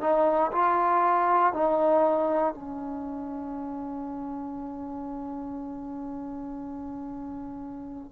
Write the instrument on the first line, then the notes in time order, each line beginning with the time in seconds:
trombone
0.00 D#4
0.52 F4
1.53 D#4
2.54 C#4